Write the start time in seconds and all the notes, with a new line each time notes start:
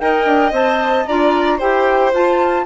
0.00 D#4 A#4 D#5 G5
0.25 D4
0.52 C4 C5 A5
1.06 D4 F4 D5 A#5
1.58 E4 G4 C5 G5
2.13 F4 A5